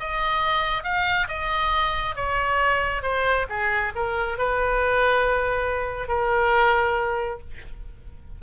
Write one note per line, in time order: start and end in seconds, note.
0.00 0.84 D#5
0.84 1.28 F5
1.28 2.16 D#5
2.16 3.03 C#5
3.03 3.47 C5
3.50 3.93 G#4
3.96 4.38 A#4
4.38 6.09 B4
6.09 7.40 A#4